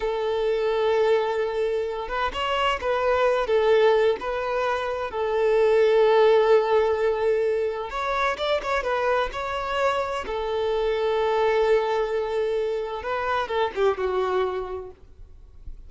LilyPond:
\new Staff \with { instrumentName = "violin" } { \time 4/4 \tempo 4 = 129 a'1~ | a'8 b'8 cis''4 b'4. a'8~ | a'4 b'2 a'4~ | a'1~ |
a'4 cis''4 d''8 cis''8 b'4 | cis''2 a'2~ | a'1 | b'4 a'8 g'8 fis'2 | }